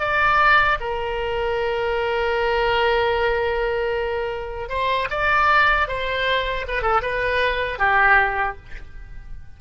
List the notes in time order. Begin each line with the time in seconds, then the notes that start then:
0.00 D5
0.81 A#4
4.70 C5
5.11 D5
5.88 C5
6.68 B4
6.83 A4
7.02 B4
7.79 G4